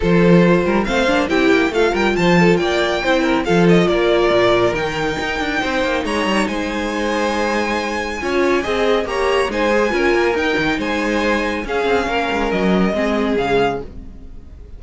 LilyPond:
<<
  \new Staff \with { instrumentName = "violin" } { \time 4/4 \tempo 4 = 139 c''2 f''4 g''4 | f''8 g''8 a''4 g''2 | f''8 dis''8 d''2 g''4~ | g''2 ais''4 gis''4~ |
gis''1~ | gis''4 ais''4 gis''2 | g''4 gis''2 f''4~ | f''4 dis''2 f''4 | }
  \new Staff \with { instrumentName = "violin" } { \time 4/4 a'4. ais'8 c''4 g'4 | a'8 ais'8 c''8 a'8 d''4 c''8 ais'8 | a'4 ais'2.~ | ais'4 c''4 cis''4 c''4~ |
c''2. cis''4 | dis''4 cis''4 c''4 ais'4~ | ais'4 c''2 gis'4 | ais'2 gis'2 | }
  \new Staff \with { instrumentName = "viola" } { \time 4/4 f'2 c'8 d'8 e'4 | f'2. e'4 | f'2. dis'4~ | dis'1~ |
dis'2. f'4 | gis'4 g'4 dis'8 gis'8 f'4 | dis'2. cis'4~ | cis'2 c'4 gis4 | }
  \new Staff \with { instrumentName = "cello" } { \time 4/4 f4. g8 a8 ais8 c'8 ais8 | a8 g8 f4 ais4 c'4 | f4 ais4 ais,4 dis4 | dis'8 d'8 c'8 ais8 gis8 g8 gis4~ |
gis2. cis'4 | c'4 ais4 gis4 cis'8 ais8 | dis'8 dis8 gis2 cis'8 c'8 | ais8 gis8 fis4 gis4 cis4 | }
>>